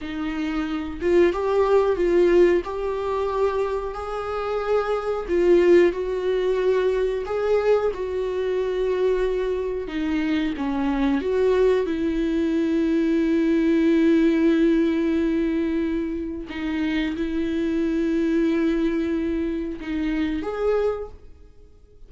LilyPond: \new Staff \with { instrumentName = "viola" } { \time 4/4 \tempo 4 = 91 dis'4. f'8 g'4 f'4 | g'2 gis'2 | f'4 fis'2 gis'4 | fis'2. dis'4 |
cis'4 fis'4 e'2~ | e'1~ | e'4 dis'4 e'2~ | e'2 dis'4 gis'4 | }